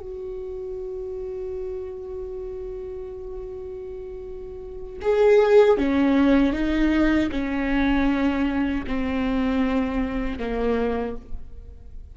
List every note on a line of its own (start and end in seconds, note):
0.00 5.00 F#4
5.02 5.78 G#4
5.78 6.53 C#4
6.53 7.30 D#4
7.31 8.85 C#4
8.87 10.39 C4
10.39 11.16 A#3